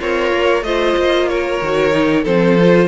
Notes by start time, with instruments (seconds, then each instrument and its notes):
0.00 cello C4, violin F4 C#5, viola A#4
0.33 cello A#3
0.63 cello A3, viola F4, violin C5 D#5
0.97 cello A#3
1.29 violin A#4 C#5
1.62 cello D#3, viola F#4
1.92 viola D#4
2.23 cello F3, viola C4, violin A4 C5
2.60 viola F4